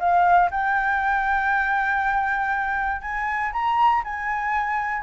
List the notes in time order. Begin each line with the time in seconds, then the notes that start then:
0.00 F5
0.51 G5
3.02 G#5
3.53 A#5
4.04 G#5